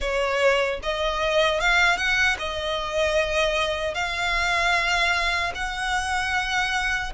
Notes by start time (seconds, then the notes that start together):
0.00 C#5
0.82 D#5
1.60 F5
1.97 F#5
2.38 D#5
3.94 F5
5.54 F#5